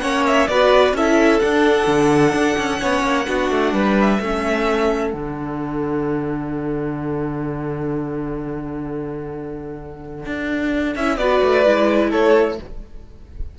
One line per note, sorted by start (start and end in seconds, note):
0.00 0.48 A#3
0.00 0.49 C#4
0.00 0.49 C#5
0.00 0.23 F#5
0.27 0.48 E5
0.48 0.93 B3
0.48 0.97 F#4
0.48 0.96 B4
0.48 0.94 D5
0.93 1.40 C#4
0.93 1.41 E4
0.93 2.80 A4
0.93 1.40 E5
1.40 2.79 D4
1.40 1.87 D4
1.40 3.95 F#5
1.87 2.33 D3
2.33 2.57 D4
2.58 2.81 C#4
2.79 3.03 B3
2.79 3.25 C#4
2.79 3.26 C#5
3.03 3.26 A#3
3.28 3.50 B3
3.28 4.21 D4
3.28 3.74 F#4
3.50 3.73 A3
3.73 4.19 G3
3.73 4.20 B4
4.01 5.11 E5
4.20 5.14 A3
4.20 5.14 C#4
4.20 11.18 A4
5.11 10.25 D3
5.11 10.95 D4
5.11 10.92 F#5
10.26 10.96 D4
10.96 11.18 C#4
10.96 11.20 E4
10.96 11.18 E5
11.18 11.41 B3
11.18 11.66 F#4
11.18 12.10 B4
11.18 12.11 D5
11.43 11.66 A3
11.66 12.12 G#3
11.66 12.59 E4
12.10 12.59 A3
12.10 12.57 A4
12.10 12.59 C#5